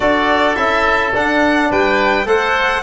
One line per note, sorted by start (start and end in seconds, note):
0.00 0.56 D4
0.00 0.56 F#4
0.00 1.69 A4
0.00 0.55 D5
0.55 1.13 C#4
0.55 1.12 E4
0.55 1.12 E5
1.13 1.70 D4
1.13 2.25 D4
1.13 1.71 F#5
1.70 2.25 G3
1.70 2.27 B4
1.70 2.27 G5
2.25 2.81 A3
2.25 2.82 A4
2.25 2.83 C5
2.25 2.83 F#5